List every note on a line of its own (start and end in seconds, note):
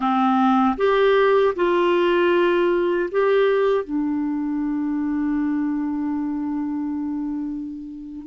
0.00 0.76 C4
0.77 1.54 G4
1.55 3.09 F4
3.11 3.84 G4
3.84 8.26 D4